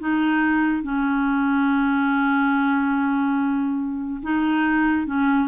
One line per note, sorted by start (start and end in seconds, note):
0.00 0.83 D#4
0.83 4.21 C#4
4.23 5.07 D#4
5.07 5.49 C#4